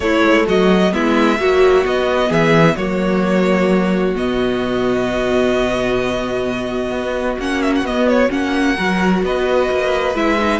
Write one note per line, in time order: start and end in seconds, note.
0.00 0.21 A3
0.00 0.91 A3
0.00 0.46 E4
0.00 0.45 C#5
0.23 0.46 G#3
0.46 0.93 F#3
0.46 0.93 F#4
0.46 0.93 D#5
0.92 1.39 G#3
0.92 1.38 B3
0.92 1.39 E4
0.92 1.86 E5
1.39 1.85 F#3
1.39 1.85 A#3
1.39 2.28 F#4
1.85 2.77 B3
1.85 2.30 B3
1.85 2.32 D#5
2.28 2.76 E3
2.28 2.75 G#4
2.28 2.76 E5
2.76 4.15 F#3
2.76 4.16 A#3
2.76 8.76 F#4
2.76 4.14 C#5
4.15 6.91 B2
4.15 7.39 B3
4.15 7.39 D#5
6.91 7.37 B3
7.38 7.82 A#3
7.38 7.85 C#4
7.38 7.61 F#5
7.61 7.73 E5
7.75 7.85 F#5
7.82 8.28 B3
7.82 8.29 B3
7.82 8.08 D#5
8.08 8.31 C#5
8.29 8.78 A#3
8.29 8.75 C#4
8.29 9.23 F#5
8.76 9.22 F#3
8.76 10.15 F#4
8.76 9.22 A#4
9.22 9.69 B3
9.22 10.59 B4
9.22 10.16 D#5
9.70 10.14 A#3
10.14 10.59 G#3
10.14 10.38 E4
10.14 10.59 E5
10.39 10.59 D#4